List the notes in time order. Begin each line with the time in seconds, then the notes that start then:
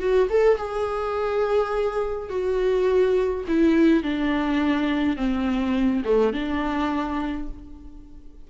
0.00 F#4
0.30 A4
0.58 G#4
2.30 F#4
3.49 E4
4.03 D4
5.17 C4
6.05 A3
6.33 D4